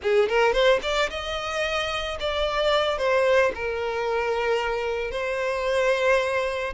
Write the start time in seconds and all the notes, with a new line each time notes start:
0.02 G#4
0.28 A#4
0.52 C5
0.82 D5
1.10 D#5
2.20 D5
2.97 C5
3.55 A#4
5.11 C5